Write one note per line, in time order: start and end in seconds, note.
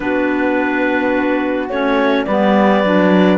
0.00 1.69 B3
0.00 1.70 D4
0.00 2.26 F#4
0.00 1.68 B4
1.69 2.26 A3
1.69 2.27 C#4
1.69 2.24 C#5
2.24 2.83 G3
2.24 2.84 B3
2.24 3.38 B4
2.24 3.37 D5
2.83 3.38 F#3
2.83 3.38 D4